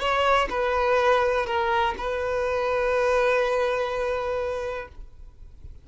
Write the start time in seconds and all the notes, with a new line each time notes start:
0.00 C#5
0.50 B4
1.46 A#4
1.98 B4